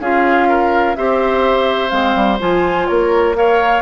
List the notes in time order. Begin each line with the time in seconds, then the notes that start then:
0.00 C#4 F4 G#4 F5
0.48 A#4
0.95 C4 G4 C5 E5
1.90 G#3 C4 F5
2.15 G3
2.39 F3 F4 G#5
2.87 A#3 A#4 C#5
3.35 A#4 C#5 F5